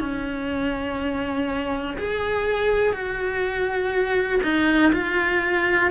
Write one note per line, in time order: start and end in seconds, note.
0.00 1.97 C#4
1.98 2.93 G#4
2.93 4.41 F#4
4.43 4.92 D#4
4.93 5.91 F4